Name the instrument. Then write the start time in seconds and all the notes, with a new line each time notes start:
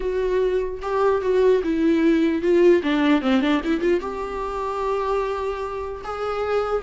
viola
0.00 F#4
0.81 G4
1.21 F#4
1.63 E4
2.41 F4
2.82 D4
3.21 C4
3.41 D4
3.64 E4
3.80 F4
4.00 G4
6.03 G#4